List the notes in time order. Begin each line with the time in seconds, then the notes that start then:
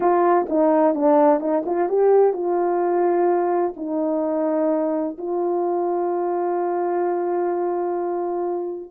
0.00 F4
0.49 D#4
0.94 D4
1.40 D#4
1.65 F4
1.88 G4
2.33 F4
3.76 D#4
5.18 F4